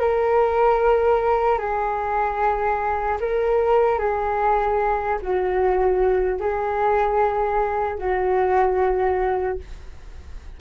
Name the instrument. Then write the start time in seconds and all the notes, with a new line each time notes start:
flute
0.00 A#4
1.59 G#4
3.21 A#4
3.99 G#4
5.23 F#4
6.40 G#4
7.99 F#4